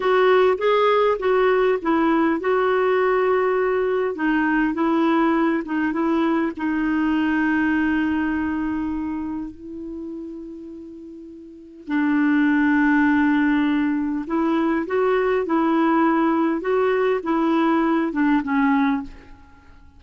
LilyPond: \new Staff \with { instrumentName = "clarinet" } { \time 4/4 \tempo 4 = 101 fis'4 gis'4 fis'4 e'4 | fis'2. dis'4 | e'4. dis'8 e'4 dis'4~ | dis'1 |
e'1 | d'1 | e'4 fis'4 e'2 | fis'4 e'4. d'8 cis'4 | }